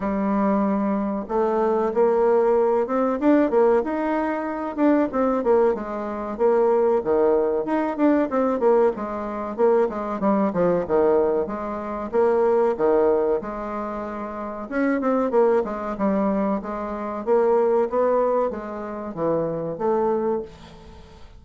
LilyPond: \new Staff \with { instrumentName = "bassoon" } { \time 4/4 \tempo 4 = 94 g2 a4 ais4~ | ais8 c'8 d'8 ais8 dis'4. d'8 | c'8 ais8 gis4 ais4 dis4 | dis'8 d'8 c'8 ais8 gis4 ais8 gis8 |
g8 f8 dis4 gis4 ais4 | dis4 gis2 cis'8 c'8 | ais8 gis8 g4 gis4 ais4 | b4 gis4 e4 a4 | }